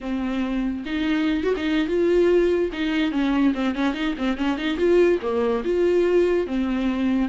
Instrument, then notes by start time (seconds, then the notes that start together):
viola
0.00 C4
0.85 D#4
1.43 F#4
1.56 D#4
1.87 F4
2.72 D#4
3.11 C#4
3.54 C4
3.74 C#4
3.94 D#4
4.18 C4
4.37 C#4
4.57 D#4
4.77 F4
5.21 A#3
5.64 F4
6.47 C4